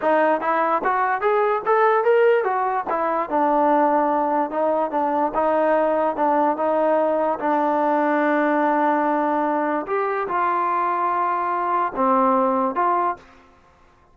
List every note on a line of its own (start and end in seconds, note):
0.01 0.40 D#4
0.40 0.81 E4
0.84 1.21 F#4
1.21 1.62 G#4
1.65 2.03 A4
2.03 2.43 A#4
2.43 2.84 F#4
2.89 3.29 E4
3.29 4.50 D4
4.50 4.91 D#4
4.91 5.32 D4
5.34 6.16 D#4
6.16 6.56 D4
6.56 7.38 D#4
7.39 9.86 D4
9.86 10.27 G4
10.28 11.92 F4
11.95 12.75 C4
12.75 13.16 F4